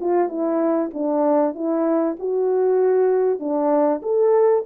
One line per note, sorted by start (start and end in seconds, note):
0.00 0.29 F4
0.29 0.91 E4
0.93 1.55 D4
1.55 2.16 E4
2.19 3.39 F#4
3.39 4.01 D4
4.03 4.64 A4